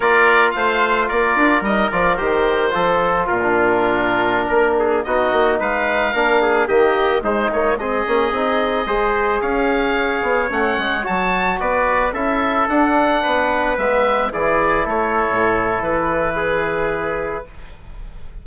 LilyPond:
<<
  \new Staff \with { instrumentName = "oboe" } { \time 4/4 \tempo 4 = 110 d''4 f''4 d''4 dis''8 d''8 | c''2 ais'2~ | ais'4~ ais'16 dis''4 f''4.~ f''16~ | f''16 dis''4 c''8 cis''8 dis''4.~ dis''16~ |
dis''4~ dis''16 f''2 fis''8.~ | fis''16 a''4 d''4 e''4 fis''8.~ | fis''4~ fis''16 e''4 d''4 cis''8.~ | cis''4 b'2. | }
  \new Staff \with { instrumentName = "trumpet" } { \time 4/4 ais'4 c''4 ais'2~ | ais'4 a'4 f'2~ | f'16 ais'8 gis'8 fis'4 b'4 ais'8 gis'16~ | gis'16 g'4 dis'4 gis'4.~ gis'16~ |
gis'16 c''4 cis''2~ cis''8.~ | cis''4~ cis''16 b'4 a'4.~ a'16~ | a'16 b'2 gis'4 a'8.~ | a'2 gis'2 | }
  \new Staff \with { instrumentName = "trombone" } { \time 4/4 f'2. dis'8 f'8 | g'4 f'4~ f'16 d'4.~ d'16~ | d'4~ d'16 dis'2 d'8.~ | d'16 ais4 gis8 ais8 c'8 cis'8 dis'8.~ |
dis'16 gis'2. cis'8.~ | cis'16 fis'2 e'4 d'8.~ | d'4~ d'16 b4 e'4.~ e'16~ | e'1 | }
  \new Staff \with { instrumentName = "bassoon" } { \time 4/4 ais4 a4 ais8 d'8 g8 f8 | dis4 f4 ais,2~ | ais,16 ais4 b8 ais8 gis4 ais8.~ | ais16 dis4 gis4. ais8 c'8.~ |
c'16 gis4 cis'4. b8 a8 gis16~ | gis16 fis4 b4 cis'4 d'8.~ | d'16 b4 gis4 e4 a8. | a,4 e2. | }
>>